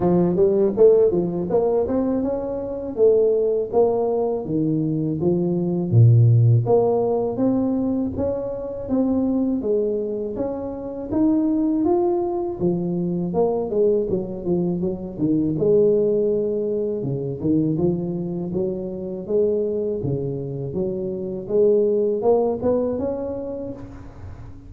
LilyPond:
\new Staff \with { instrumentName = "tuba" } { \time 4/4 \tempo 4 = 81 f8 g8 a8 f8 ais8 c'8 cis'4 | a4 ais4 dis4 f4 | ais,4 ais4 c'4 cis'4 | c'4 gis4 cis'4 dis'4 |
f'4 f4 ais8 gis8 fis8 f8 | fis8 dis8 gis2 cis8 dis8 | f4 fis4 gis4 cis4 | fis4 gis4 ais8 b8 cis'4 | }